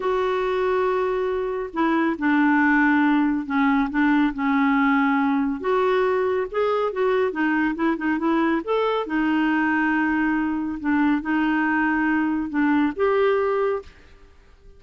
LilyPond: \new Staff \with { instrumentName = "clarinet" } { \time 4/4 \tempo 4 = 139 fis'1 | e'4 d'2. | cis'4 d'4 cis'2~ | cis'4 fis'2 gis'4 |
fis'4 dis'4 e'8 dis'8 e'4 | a'4 dis'2.~ | dis'4 d'4 dis'2~ | dis'4 d'4 g'2 | }